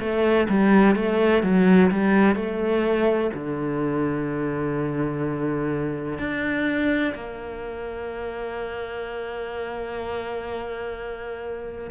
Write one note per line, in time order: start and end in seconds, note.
0.00 0.48 A3
0.49 0.95 G3
0.95 1.43 A3
1.43 1.90 F#3
1.90 2.35 G3
2.35 3.31 A3
3.33 6.19 D3
6.19 7.14 D4
7.14 11.90 A#3